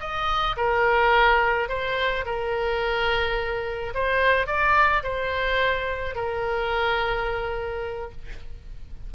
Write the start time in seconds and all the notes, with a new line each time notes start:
0.00 D#5
0.57 A#4
1.69 C5
2.26 A#4
3.95 C5
4.47 D5
5.03 C5
6.15 A#4